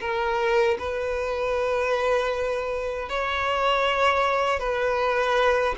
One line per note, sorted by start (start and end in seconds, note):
0.00 0.77 A#4
0.78 3.09 B4
3.09 4.59 C#5
4.59 5.74 B4